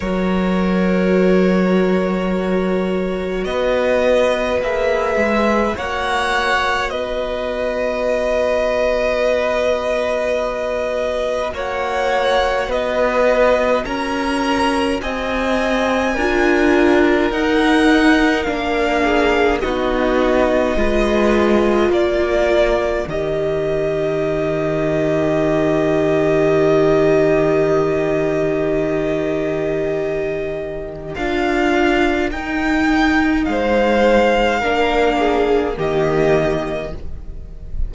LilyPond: <<
  \new Staff \with { instrumentName = "violin" } { \time 4/4 \tempo 4 = 52 cis''2. dis''4 | e''4 fis''4 dis''2~ | dis''2 fis''4 dis''4 | ais''4 gis''2 fis''4 |
f''4 dis''2 d''4 | dis''1~ | dis''2. f''4 | g''4 f''2 dis''4 | }
  \new Staff \with { instrumentName = "violin" } { \time 4/4 ais'2. b'4~ | b'4 cis''4 b'2~ | b'2 cis''4 b'4 | ais'4 dis''4 ais'2~ |
ais'8 gis'8 fis'4 b'4 ais'4~ | ais'1~ | ais'1~ | ais'4 c''4 ais'8 gis'8 g'4 | }
  \new Staff \with { instrumentName = "viola" } { \time 4/4 fis'1 | gis'4 fis'2.~ | fis'1~ | fis'2 f'4 dis'4 |
d'4 dis'4 f'2 | g'1~ | g'2. f'4 | dis'2 d'4 ais4 | }
  \new Staff \with { instrumentName = "cello" } { \time 4/4 fis2. b4 | ais8 gis8 ais4 b2~ | b2 ais4 b4 | cis'4 c'4 d'4 dis'4 |
ais4 b4 gis4 ais4 | dis1~ | dis2. d'4 | dis'4 gis4 ais4 dis4 | }
>>